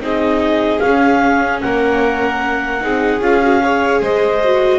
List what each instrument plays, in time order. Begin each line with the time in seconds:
0.00 double bass C4, viola D#4, violin G#4, clarinet D#5
0.80 viola C#4, double bass C#4, clarinet F5
1.62 double bass A#3, violin A#4, clarinet F#5
2.81 double bass C4, viola D#4, violin G#4
3.21 double bass C#4, viola F4, clarinet F5
3.42 viola F#4
3.63 viola G#4, violin C#5
4.01 double bass G#3, violin C5, clarinet D#5
4.44 viola F#4